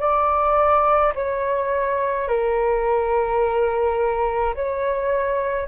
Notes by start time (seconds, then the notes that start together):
0.00 D5
1.15 C#5
2.28 A#4
4.55 C#5